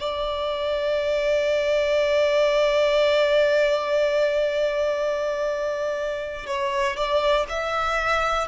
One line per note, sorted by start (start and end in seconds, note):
0.00 6.46 D5
6.46 6.96 C#5
6.96 7.46 D5
7.49 8.48 E5